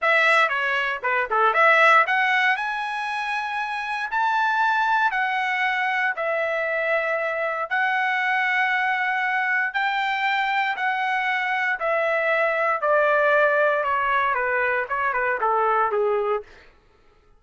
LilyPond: \new Staff \with { instrumentName = "trumpet" } { \time 4/4 \tempo 4 = 117 e''4 cis''4 b'8 a'8 e''4 | fis''4 gis''2. | a''2 fis''2 | e''2. fis''4~ |
fis''2. g''4~ | g''4 fis''2 e''4~ | e''4 d''2 cis''4 | b'4 cis''8 b'8 a'4 gis'4 | }